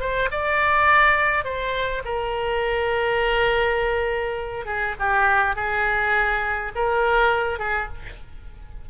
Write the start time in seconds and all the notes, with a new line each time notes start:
0.00 C5
0.31 D5
1.44 C5
2.05 A#4
4.66 G#4
4.99 G4
5.56 G#4
6.75 A#4
7.59 G#4